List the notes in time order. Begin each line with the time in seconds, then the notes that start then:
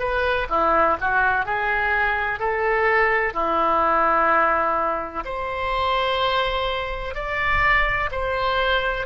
0.00 B4
0.50 E4
1.01 F#4
1.46 G#4
2.40 A4
3.34 E4
5.26 C5
7.15 D5
8.12 C5